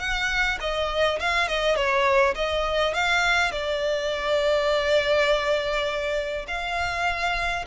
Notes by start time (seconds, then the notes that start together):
0.00 F#5
0.61 D#5
1.20 F5
1.48 D#5
1.76 C#5
2.36 D#5
2.95 F5
3.52 D5
6.48 F5